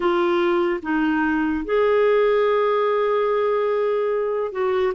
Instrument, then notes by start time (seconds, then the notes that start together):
clarinet
0.00 F4
0.82 D#4
1.64 G#4
4.52 F#4